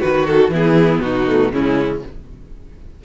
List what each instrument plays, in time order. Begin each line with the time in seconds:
0.00 cello D#3, violin F#4 B4, viola F#4
0.26 violin A4
0.49 cello E3, viola B3, violin E4
0.55 violin G#4
1.01 cello B2, violin D#4 F#4
1.27 viola A3
1.51 cello C#3, viola G#3, violin C#4 E4